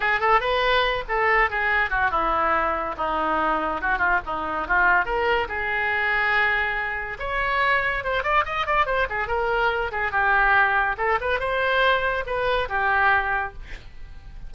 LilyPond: \new Staff \with { instrumentName = "oboe" } { \time 4/4 \tempo 4 = 142 gis'8 a'8 b'4. a'4 gis'8~ | gis'8 fis'8 e'2 dis'4~ | dis'4 fis'8 f'8 dis'4 f'4 | ais'4 gis'2.~ |
gis'4 cis''2 c''8 d''8 | dis''8 d''8 c''8 gis'8 ais'4. gis'8 | g'2 a'8 b'8 c''4~ | c''4 b'4 g'2 | }